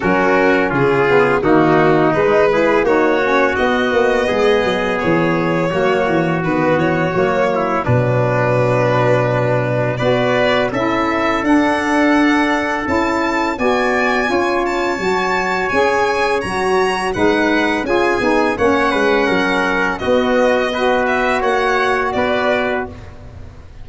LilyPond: <<
  \new Staff \with { instrumentName = "violin" } { \time 4/4 \tempo 4 = 84 ais'4 gis'4 fis'4 b'4 | cis''4 dis''2 cis''4~ | cis''4 b'8 cis''4. b'4~ | b'2 d''4 e''4 |
fis''2 a''4 gis''4~ | gis''8 a''4. gis''4 ais''4 | fis''4 gis''4 fis''2 | dis''4. e''8 fis''4 d''4 | }
  \new Staff \with { instrumentName = "trumpet" } { \time 4/4 fis'4 f'4 dis'4. gis'8 | fis'2 gis'2 | fis'2~ fis'8 e'8 d'4~ | d'2 b'4 a'4~ |
a'2. d''4 | cis''1 | b'4 gis'4 cis''8 b'8 ais'4 | fis'4 b'4 cis''4 b'4 | }
  \new Staff \with { instrumentName = "saxophone" } { \time 4/4 cis'4. b8 ais4 gis8 e'8 | dis'8 cis'8 b2. | ais4 b4 ais4 fis4~ | fis2 fis'4 e'4 |
d'2 e'4 fis'4 | f'4 fis'4 gis'4 fis'4 | dis'4 f'8 dis'8 cis'2 | b4 fis'2. | }
  \new Staff \with { instrumentName = "tuba" } { \time 4/4 fis4 cis4 dis4 gis4 | ais4 b8 ais8 gis8 fis8 e4 | fis8 e8 dis8 e8 fis4 b,4~ | b,2 b4 cis'4 |
d'2 cis'4 b4 | cis'4 fis4 cis'4 fis4 | gis4 cis'8 b8 ais8 gis8 fis4 | b2 ais4 b4 | }
>>